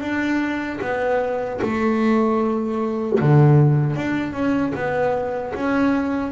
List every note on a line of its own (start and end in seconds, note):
0.00 0.79 D4
0.81 1.60 B3
1.61 3.19 A3
3.19 3.96 D3
3.96 4.32 D4
4.32 4.72 C#4
4.74 5.53 B3
5.54 6.32 C#4